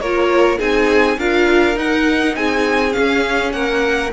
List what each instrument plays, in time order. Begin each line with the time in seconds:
0.00 cello A#3, viola F4, violin A#4 C#5
0.58 cello C4, viola D#4, violin G#4 G#5
1.17 cello D4, viola F4, violin A#4 F5
1.75 viola D#4, cello D#4, violin F#5
2.35 cello C4, violin G#4 G#5
2.91 viola C#4, cello C#4, violin F5
3.52 cello A#3, violin A#4 F#5